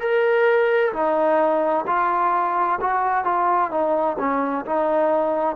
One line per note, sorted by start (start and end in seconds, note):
0.00 0.92 A#4
0.93 1.85 D#4
1.87 2.79 F4
2.81 3.25 F#4
3.25 3.71 F4
3.71 4.17 D#4
4.19 4.65 C#4
4.66 5.56 D#4